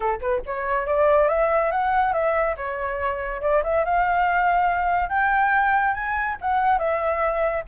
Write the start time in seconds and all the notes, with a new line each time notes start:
0.00 A4
0.20 B4
0.46 C#5
0.86 D5
1.28 E5
1.71 F#5
2.13 E5
2.56 C#5
3.41 D5
3.63 E5
3.84 F5
5.09 G5
5.94 G#5
6.41 F#5
6.78 E5